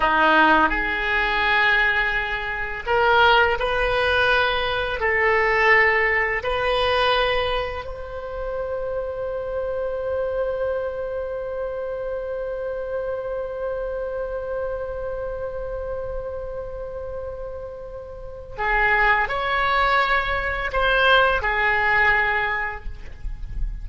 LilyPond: \new Staff \with { instrumentName = "oboe" } { \time 4/4 \tempo 4 = 84 dis'4 gis'2. | ais'4 b'2 a'4~ | a'4 b'2 c''4~ | c''1~ |
c''1~ | c''1~ | c''2 gis'4 cis''4~ | cis''4 c''4 gis'2 | }